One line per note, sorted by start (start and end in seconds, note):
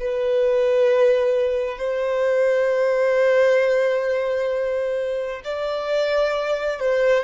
0.00 1.79 B4
1.79 5.42 C5
5.45 6.80 D5
6.80 7.24 C5